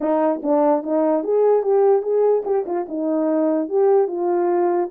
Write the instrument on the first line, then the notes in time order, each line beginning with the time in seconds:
horn
0.01 D#4
0.42 D4
0.83 D#4
1.23 G#4
1.63 G4
2.02 G#4
2.45 G4
2.66 F4
2.88 D#4
3.68 G4
4.07 F4